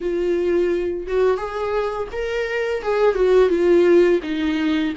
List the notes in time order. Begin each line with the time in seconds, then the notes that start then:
0.01 F4
1.07 F#4
1.37 G#4
2.12 A#4
2.82 G#4
3.15 F#4
3.49 F4
4.23 D#4